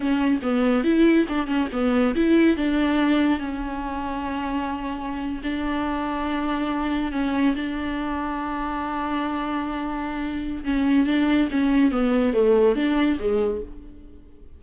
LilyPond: \new Staff \with { instrumentName = "viola" } { \time 4/4 \tempo 4 = 141 cis'4 b4 e'4 d'8 cis'8 | b4 e'4 d'2 | cis'1~ | cis'8. d'2.~ d'16~ |
d'8. cis'4 d'2~ d'16~ | d'1~ | d'4 cis'4 d'4 cis'4 | b4 a4 d'4 gis4 | }